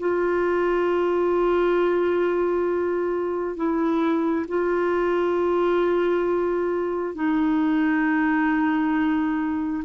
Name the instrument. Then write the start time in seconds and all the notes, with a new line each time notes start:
clarinet
0.00 F4
3.57 E4
4.48 F4
7.15 D#4